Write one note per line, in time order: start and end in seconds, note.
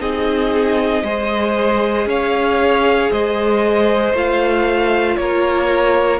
0.00 1.02 C4
0.00 1.04 D#4
0.00 1.03 G#4
0.00 2.08 D#5
1.02 2.06 G#3
1.02 4.14 G#4
1.02 2.08 C5
2.06 3.09 C#4
2.06 3.11 C#5
2.06 3.12 F5
3.11 4.13 G#3
3.11 5.18 C5
3.11 4.15 D#5
4.13 5.17 A3
4.13 6.19 F4
4.13 5.16 F5
5.16 6.19 A#3
5.16 6.19 A#4
5.16 6.19 C#5